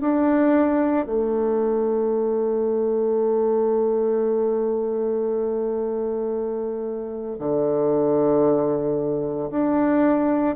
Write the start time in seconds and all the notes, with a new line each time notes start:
0.00 D4
1.06 A3
7.39 D3
9.50 D4